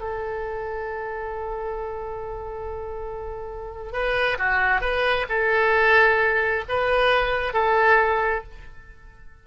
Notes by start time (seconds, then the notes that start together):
0.00 A4
3.92 B4
4.38 F#4
4.81 B4
5.29 A4
6.68 B4
7.53 A4